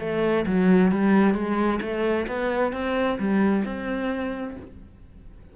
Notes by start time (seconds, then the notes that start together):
0.00 A3
0.46 F#3
0.92 G3
1.34 G#3
1.81 A3
2.27 B3
2.72 C4
3.19 G3
3.65 C4